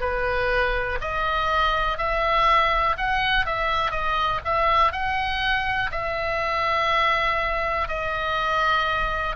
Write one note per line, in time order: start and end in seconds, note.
0.00 0.98 B4
1.01 1.97 D#5
1.97 2.96 E5
2.97 3.46 F#5
3.46 3.91 E5
3.91 4.40 D#5
4.44 4.92 E5
4.92 5.90 F#5
5.91 7.88 E5
7.88 9.35 D#5